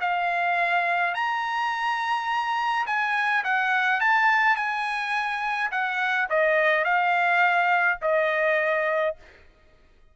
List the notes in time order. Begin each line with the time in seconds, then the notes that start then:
0.00 F5
1.14 A#5
2.86 G#5
3.44 F#5
4.00 A5
4.56 G#5
5.71 F#5
6.30 D#5
6.84 F5
8.01 D#5